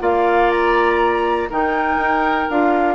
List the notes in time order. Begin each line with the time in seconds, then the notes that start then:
0.00 A#3 F4 D5 F5
0.51 A#5
1.50 D#3 D#4 A#4 G5
1.97 D#4
2.50 D4 F4 F5